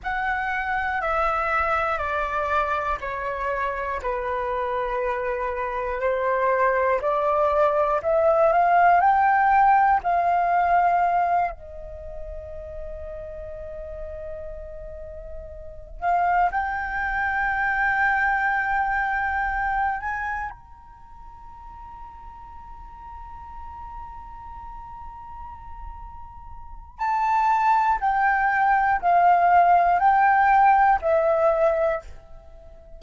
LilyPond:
\new Staff \with { instrumentName = "flute" } { \time 4/4 \tempo 4 = 60 fis''4 e''4 d''4 cis''4 | b'2 c''4 d''4 | e''8 f''8 g''4 f''4. dis''8~ | dis''1 |
f''8 g''2.~ g''8 | gis''8 ais''2.~ ais''8~ | ais''2. a''4 | g''4 f''4 g''4 e''4 | }